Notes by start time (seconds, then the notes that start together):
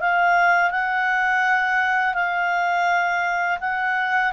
0.00 F5
0.70 F#5
2.14 F5
3.60 F#5